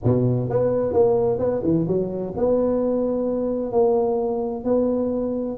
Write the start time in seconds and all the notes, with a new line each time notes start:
0.03 B2
0.49 B3
0.93 A#3
1.38 B3
1.63 E3
1.87 F#3
2.36 B3
3.72 A#3
4.64 B3